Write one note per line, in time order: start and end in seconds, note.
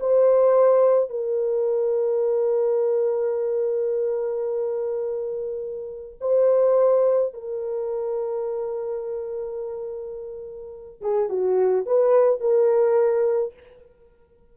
0.00 1.10 C5
1.10 6.19 A#4
6.21 7.34 C5
7.34 11.01 A#4
11.01 11.30 G#4
11.30 11.86 F#4
11.86 12.41 B4
12.41 13.54 A#4